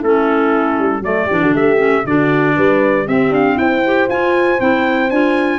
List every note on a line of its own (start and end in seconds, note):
0.00 0.79 A3
0.00 1.03 C#4
0.00 1.02 E4
0.00 1.04 A4
0.79 1.01 G3
1.01 1.26 F#3
1.01 1.29 A3
1.01 1.26 A4
1.01 1.55 D5
1.26 1.43 E3
1.26 1.77 D4
1.26 1.39 G4
1.42 1.54 D3
1.42 1.54 F#4
1.54 2.04 A3
1.54 2.05 G4
1.54 2.06 E5
1.77 2.02 C#4
2.05 2.55 D3
2.05 3.06 D4
2.05 2.56 F#4
2.05 3.08 D5
2.56 3.08 G3
2.56 3.06 B4
3.06 3.82 C4
3.06 3.31 C4
3.06 3.57 G4
3.06 3.33 E5
3.31 3.56 D4
3.31 3.58 F5
3.57 4.08 E4
3.57 5.59 C5
3.57 4.09 G5
3.86 4.10 G4
4.09 4.59 F4
4.09 4.61 G#5
4.59 5.10 C4
4.59 5.10 E4
4.59 5.10 G5
5.10 5.59 D4
5.10 5.59 F4
5.10 5.59 G#5